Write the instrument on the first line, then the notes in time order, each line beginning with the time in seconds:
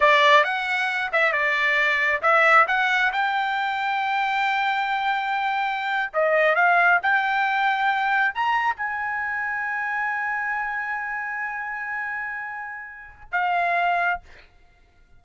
trumpet
0.00 D5
0.44 F#5
1.12 E5
1.32 D5
2.22 E5
2.67 F#5
3.12 G5
6.13 D#5
6.55 F5
7.02 G5
8.34 A#5
8.76 G#5
13.31 F5